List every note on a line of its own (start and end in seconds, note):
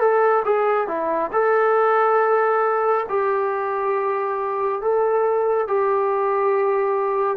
0.00 0.43 A4
0.45 0.88 G#4
0.88 1.31 E4
1.33 3.07 A4
3.09 4.82 G4
4.82 5.68 A4
5.68 7.37 G4